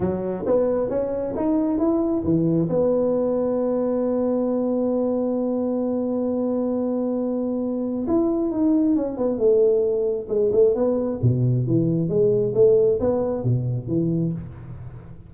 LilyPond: \new Staff \with { instrumentName = "tuba" } { \time 4/4 \tempo 4 = 134 fis4 b4 cis'4 dis'4 | e'4 e4 b2~ | b1~ | b1~ |
b2 e'4 dis'4 | cis'8 b8 a2 gis8 a8 | b4 b,4 e4 gis4 | a4 b4 b,4 e4 | }